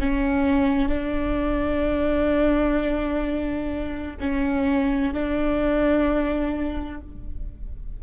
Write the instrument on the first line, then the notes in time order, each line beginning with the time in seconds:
viola
0.00 C#4
0.89 D4
4.20 C#4
5.13 D4